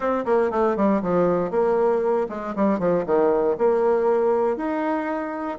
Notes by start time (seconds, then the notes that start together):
0.00 C4
0.25 A#3
0.51 A3
0.76 G3
1.02 F3
1.50 A#3
2.29 G#3
2.55 G3
2.79 F3
3.05 D#3
3.58 A#3
4.56 D#4